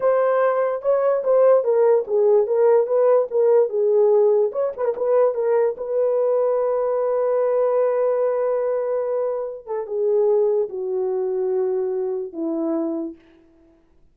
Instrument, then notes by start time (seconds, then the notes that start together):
horn
0.00 C5
0.81 C#5
1.23 C5
1.63 A#4
2.07 G#4
2.46 A#4
2.86 B4
3.30 A#4
3.69 G#4
4.51 C#5
4.77 B4
4.84 A#4
4.96 B4
5.34 A#4
5.77 B4
9.66 A4
9.86 G#4
10.69 F#4
12.33 E4